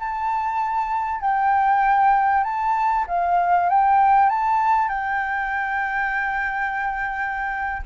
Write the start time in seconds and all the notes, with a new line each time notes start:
0.00 A5
1.21 G5
2.44 A5
3.08 F5
3.70 G5
4.30 A5
4.89 G5